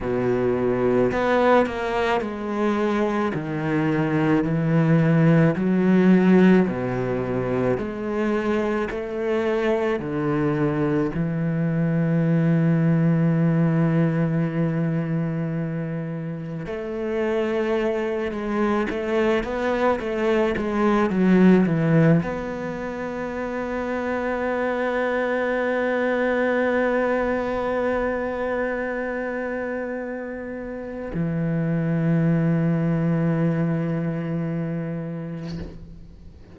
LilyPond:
\new Staff \with { instrumentName = "cello" } { \time 4/4 \tempo 4 = 54 b,4 b8 ais8 gis4 dis4 | e4 fis4 b,4 gis4 | a4 d4 e2~ | e2. a4~ |
a8 gis8 a8 b8 a8 gis8 fis8 e8 | b1~ | b1 | e1 | }